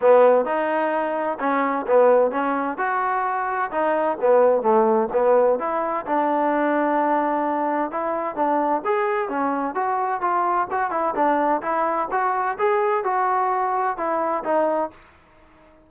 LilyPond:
\new Staff \with { instrumentName = "trombone" } { \time 4/4 \tempo 4 = 129 b4 dis'2 cis'4 | b4 cis'4 fis'2 | dis'4 b4 a4 b4 | e'4 d'2.~ |
d'4 e'4 d'4 gis'4 | cis'4 fis'4 f'4 fis'8 e'8 | d'4 e'4 fis'4 gis'4 | fis'2 e'4 dis'4 | }